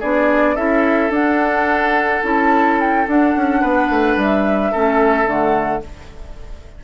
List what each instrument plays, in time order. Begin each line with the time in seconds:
0.00 bassoon B3, clarinet D4, oboe G#4, flute D5
0.55 bassoon C#4, clarinet E4, oboe A4, flute E5
1.10 clarinet D4, bassoon D4, flute F#5
2.23 bassoon C#4, clarinet E4, flute A5
2.81 flute G5
3.07 bassoon D4, clarinet D4, flute F#5
3.36 bassoon C#4
3.61 bassoon B3, oboe B4
3.90 bassoon A3
4.17 bassoon G3, flute E5
4.72 bassoon A3, clarinet C#4, oboe A4
5.26 bassoon D3, clarinet A3, flute F#5